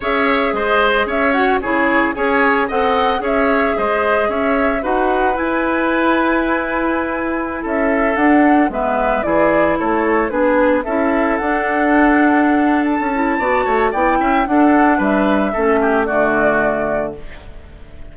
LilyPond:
<<
  \new Staff \with { instrumentName = "flute" } { \time 4/4 \tempo 4 = 112 e''4 dis''4 e''8 fis''8 cis''4 | gis''4 fis''4 e''4 dis''4 | e''4 fis''4 gis''2~ | gis''2~ gis''16 e''4 fis''8.~ |
fis''16 e''4 d''4 cis''4 b'8.~ | b'16 e''4 fis''2~ fis''8. | a''2 g''4 fis''4 | e''2 d''2 | }
  \new Staff \with { instrumentName = "oboe" } { \time 4/4 cis''4 c''4 cis''4 gis'4 | cis''4 dis''4 cis''4 c''4 | cis''4 b'2.~ | b'2~ b'16 a'4.~ a'16~ |
a'16 b'4 gis'4 a'4 gis'8.~ | gis'16 a'2.~ a'8.~ | a'4 d''8 cis''8 d''8 e''8 a'4 | b'4 a'8 g'8 fis'2 | }
  \new Staff \with { instrumentName = "clarinet" } { \time 4/4 gis'2~ gis'8 fis'8 e'4 | gis'4 a'4 gis'2~ | gis'4 fis'4 e'2~ | e'2.~ e'16 d'8.~ |
d'16 b4 e'2 d'8.~ | d'16 e'4 d'2~ d'8.~ | d'8 e'8 fis'4 e'4 d'4~ | d'4 cis'4 a2 | }
  \new Staff \with { instrumentName = "bassoon" } { \time 4/4 cis'4 gis4 cis'4 cis4 | cis'4 c'4 cis'4 gis4 | cis'4 dis'4 e'2~ | e'2~ e'16 cis'4 d'8.~ |
d'16 gis4 e4 a4 b8.~ | b16 cis'4 d'2~ d'8.~ | d'16 cis'8. b8 a8 b8 cis'8 d'4 | g4 a4 d2 | }
>>